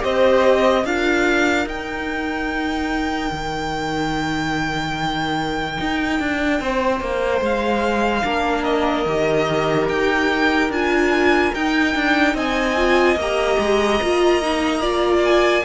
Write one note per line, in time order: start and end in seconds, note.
0.00 0.84 C4
0.00 0.82 G4
0.00 0.85 C5
0.00 0.85 D#5
0.84 1.66 D4
0.84 1.67 F4
0.84 6.60 A#4
0.84 1.67 F5
1.66 3.30 D#4
1.66 8.24 D#4
1.66 7.43 G5
3.31 5.77 D#3
5.80 6.19 D#4
6.19 6.60 D4
6.60 7.00 C4
6.60 8.24 C5
7.00 7.41 A#3
7.41 8.23 G#3
7.41 8.63 F5
8.24 9.05 A#3
8.24 9.06 D4
8.24 12.34 A#4
8.63 9.87 D#5
9.05 9.87 D#3
9.05 10.72 G4
9.89 10.69 D#4
9.89 10.71 G5
10.69 11.51 D4
10.69 11.54 F4
10.69 11.54 G#5
11.54 11.95 D#4
11.54 12.76 D#4
11.54 12.36 G5
11.95 12.34 D4
12.34 13.15 C4
12.34 14.80 D#5
12.34 13.18 G#5
12.76 13.17 F4
13.15 13.57 A#3
13.15 14.02 G4
13.15 15.24 A#5
13.59 14.00 G#3
14.02 15.64 A#3
14.02 14.42 F4
14.42 14.81 D#4
14.80 15.63 F4
14.80 15.62 D5
15.24 15.64 G#5